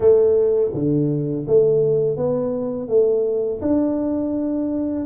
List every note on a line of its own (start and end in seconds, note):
0.00 0.72 A3
0.73 1.46 D3
1.47 2.16 A3
2.16 2.88 B3
2.88 3.60 A3
3.61 5.05 D4